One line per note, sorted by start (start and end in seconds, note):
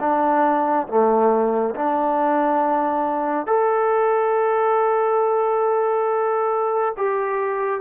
0.00 0.87 D4
0.87 1.74 A3
1.75 3.46 D4
3.46 6.94 A4
6.97 7.80 G4